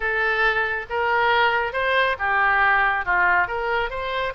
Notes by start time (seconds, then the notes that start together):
0.00 A4
0.89 A#4
1.73 C5
2.19 G4
3.05 F4
3.47 A#4
3.89 C5